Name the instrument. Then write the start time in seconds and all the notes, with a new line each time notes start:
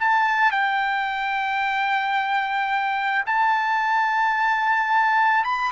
trumpet
0.00 A5
0.52 G5
3.26 A5
5.44 B5